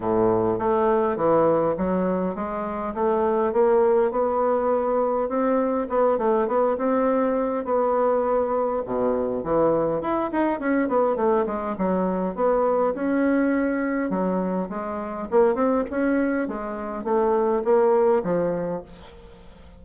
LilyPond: \new Staff \with { instrumentName = "bassoon" } { \time 4/4 \tempo 4 = 102 a,4 a4 e4 fis4 | gis4 a4 ais4 b4~ | b4 c'4 b8 a8 b8 c'8~ | c'4 b2 b,4 |
e4 e'8 dis'8 cis'8 b8 a8 gis8 | fis4 b4 cis'2 | fis4 gis4 ais8 c'8 cis'4 | gis4 a4 ais4 f4 | }